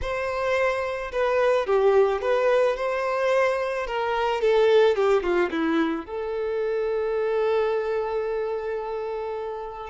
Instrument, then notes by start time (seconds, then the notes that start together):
violin
0.01 C5
1.12 B4
1.66 G4
2.21 B4
2.76 C5
3.86 A#4
4.41 A4
4.95 G4
5.22 F4
5.50 E4
6.06 A4